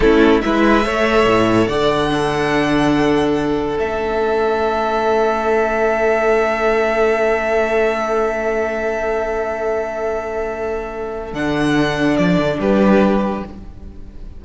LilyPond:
<<
  \new Staff \with { instrumentName = "violin" } { \time 4/4 \tempo 4 = 143 a'4 e''2. | fis''1~ | fis''4 e''2.~ | e''1~ |
e''1~ | e''1~ | e''2. fis''4~ | fis''4 d''4 b'2 | }
  \new Staff \with { instrumentName = "violin" } { \time 4/4 e'4 b'4 cis''2 | d''4 a'2.~ | a'1~ | a'1~ |
a'1~ | a'1~ | a'1~ | a'2 g'2 | }
  \new Staff \with { instrumentName = "viola" } { \time 4/4 cis'4 e'4 a'2~ | a'4 d'2.~ | d'4 cis'2.~ | cis'1~ |
cis'1~ | cis'1~ | cis'2. d'4~ | d'1 | }
  \new Staff \with { instrumentName = "cello" } { \time 4/4 a4 gis4 a4 a,4 | d1~ | d4 a2.~ | a1~ |
a1~ | a1~ | a2. d4~ | d4 f8 d8 g2 | }
>>